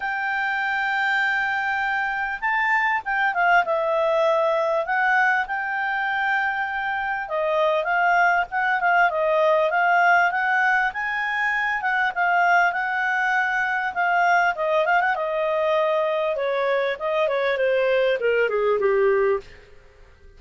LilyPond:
\new Staff \with { instrumentName = "clarinet" } { \time 4/4 \tempo 4 = 99 g''1 | a''4 g''8 f''8 e''2 | fis''4 g''2. | dis''4 f''4 fis''8 f''8 dis''4 |
f''4 fis''4 gis''4. fis''8 | f''4 fis''2 f''4 | dis''8 f''16 fis''16 dis''2 cis''4 | dis''8 cis''8 c''4 ais'8 gis'8 g'4 | }